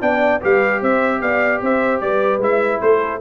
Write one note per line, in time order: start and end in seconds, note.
0.00 0.41 B3
0.00 0.40 D4
0.00 0.40 D5
0.00 0.41 G5
0.41 0.81 G3
0.41 2.41 G4
0.41 0.80 B4
0.41 0.82 F5
0.80 1.21 C4
0.80 1.20 C5
0.80 1.21 E5
1.21 1.61 B3
1.21 1.61 D5
1.21 1.61 F5
1.61 2.01 C4
1.61 2.01 C5
1.61 2.00 E5
2.00 2.38 G3
2.00 2.82 B4
2.00 2.40 D5
2.38 2.78 G#3
2.38 3.21 E4
2.38 2.81 E5
2.81 3.21 A3
2.81 3.21 A4
2.81 3.21 C5